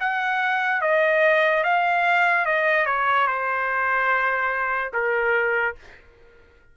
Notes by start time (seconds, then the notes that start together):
0.00 F#5
0.81 D#5
1.64 F5
2.45 D#5
2.86 C#5
3.27 C5
4.93 A#4